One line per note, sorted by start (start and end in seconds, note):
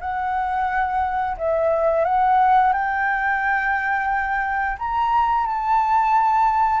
0.00 1.36 F#5
1.37 2.04 E5
2.04 2.72 F#5
2.72 4.77 G5
4.78 5.46 A#5
5.46 6.80 A5